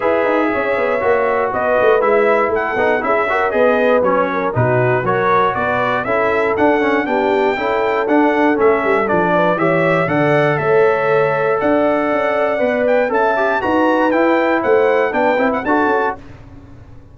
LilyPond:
<<
  \new Staff \with { instrumentName = "trumpet" } { \time 4/4 \tempo 4 = 119 e''2. dis''4 | e''4 fis''4 e''4 dis''4 | cis''4 b'4 cis''4 d''4 | e''4 fis''4 g''2 |
fis''4 e''4 d''4 e''4 | fis''4 e''2 fis''4~ | fis''4. g''8 a''4 ais''4 | g''4 fis''4 g''8. fis''16 a''4 | }
  \new Staff \with { instrumentName = "horn" } { \time 4/4 b'4 cis''2 b'4~ | b'4 a'4 gis'8 ais'8 b'4~ | b'8 ais'8 fis'4 ais'4 b'4 | a'2 g'4 a'4~ |
a'2~ a'8 b'8 cis''4 | d''4 cis''2 d''4~ | d''2 e''4 b'4~ | b'4 c''4 b'4 a'4 | }
  \new Staff \with { instrumentName = "trombone" } { \time 4/4 gis'2 fis'2 | e'4. dis'8 e'8 fis'8 gis'4 | cis'4 dis'4 fis'2 | e'4 d'8 cis'8 d'4 e'4 |
d'4 cis'4 d'4 g'4 | a'1~ | a'4 b'4 a'8 g'8 fis'4 | e'2 d'8 e'8 fis'4 | }
  \new Staff \with { instrumentName = "tuba" } { \time 4/4 e'8 dis'8 cis'8 b8 ais4 b8 a8 | gis4 a8 b8 cis'4 b4 | fis4 b,4 fis4 b4 | cis'4 d'4 b4 cis'4 |
d'4 a8 g8 f4 e4 | d4 a2 d'4 | cis'4 b4 cis'4 dis'4 | e'4 a4 b8 c'8 d'8 cis'8 | }
>>